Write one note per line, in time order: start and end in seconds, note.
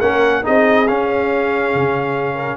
0.00 0.44 A#3
0.00 0.43 C#4
0.00 0.42 A#4
0.00 0.43 F#5
0.42 0.89 C4
0.42 0.86 D#4
0.42 2.34 G#4
0.42 0.87 D#5
0.87 2.57 C#4
0.87 1.74 C#4
0.87 2.57 F5
1.74 2.57 C#3
2.34 2.56 A#4